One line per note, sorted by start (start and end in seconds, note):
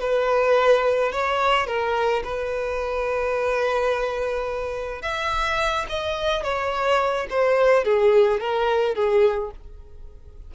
0.00 1.12 B4
1.12 1.67 C#5
1.67 2.23 A#4
2.24 5.02 B4
5.02 5.86 E5
5.89 6.43 D#5
6.43 7.27 C#5
7.30 7.84 C5
7.84 8.40 G#4
8.40 8.95 A#4
8.95 9.51 G#4